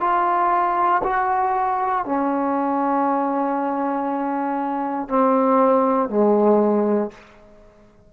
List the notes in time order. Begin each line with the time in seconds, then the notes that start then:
0.00 F4
1.04 F#4
2.05 C#4
5.08 C4
6.09 G#3